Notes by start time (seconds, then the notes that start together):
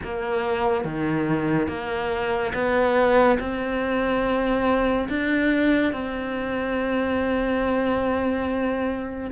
0.03 A#3
0.84 D#3
1.68 A#3
2.54 B3
3.39 C4
5.09 D4
5.92 C4